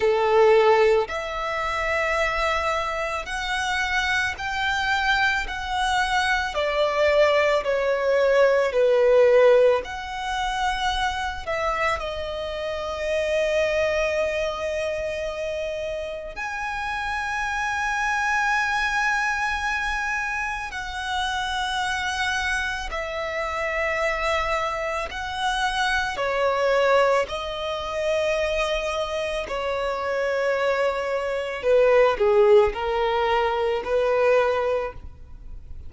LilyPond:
\new Staff \with { instrumentName = "violin" } { \time 4/4 \tempo 4 = 55 a'4 e''2 fis''4 | g''4 fis''4 d''4 cis''4 | b'4 fis''4. e''8 dis''4~ | dis''2. gis''4~ |
gis''2. fis''4~ | fis''4 e''2 fis''4 | cis''4 dis''2 cis''4~ | cis''4 b'8 gis'8 ais'4 b'4 | }